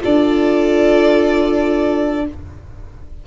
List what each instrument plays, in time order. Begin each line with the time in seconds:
0.00 tuba D4, viola F4, violin A4 D5